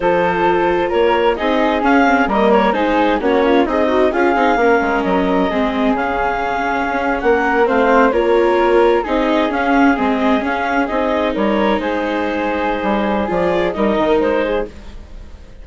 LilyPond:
<<
  \new Staff \with { instrumentName = "clarinet" } { \time 4/4 \tempo 4 = 131 c''2 cis''4 dis''4 | f''4 dis''8 cis''8 c''4 cis''4 | dis''4 f''2 dis''4~ | dis''4 f''2~ f''8. fis''16~ |
fis''8. f''4 cis''2 dis''16~ | dis''8. f''4 dis''4 f''4 dis''16~ | dis''8. cis''4 c''2~ c''16~ | c''4 d''4 dis''4 c''4 | }
  \new Staff \with { instrumentName = "flute" } { \time 4/4 a'2 ais'4 gis'4~ | gis'4 ais'4 gis'4 fis'8 f'8 | dis'4 gis'4 ais'2 | gis'2.~ gis'8. ais'16~ |
ais'8. c''4 ais'2 gis'16~ | gis'1~ | gis'8. ais'4 gis'2~ gis'16~ | gis'2 ais'4. gis'8 | }
  \new Staff \with { instrumentName = "viola" } { \time 4/4 f'2. dis'4 | cis'8 c'8 ais4 dis'4 cis'4 | gis'8 fis'8 f'8 dis'8 cis'2 | c'4 cis'2.~ |
cis'8. c'4 f'2 dis'16~ | dis'8. cis'4 c'4 cis'4 dis'16~ | dis'1~ | dis'4 f'4 dis'2 | }
  \new Staff \with { instrumentName = "bassoon" } { \time 4/4 f2 ais4 c'4 | cis'4 g4 gis4 ais4 | c'4 cis'8 c'8 ais8 gis8 fis4 | gis4 cis2 cis'8. ais16~ |
ais8. a4 ais2 c'16~ | c'8. cis'4 gis4 cis'4 c'16~ | c'8. g4 gis2~ gis16 | g4 f4 g8 dis8 gis4 | }
>>